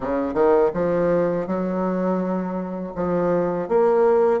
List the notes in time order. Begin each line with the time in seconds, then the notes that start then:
0.00 C#3
0.34 D#3
0.73 F3
1.46 F#3
2.95 F3
3.68 A#3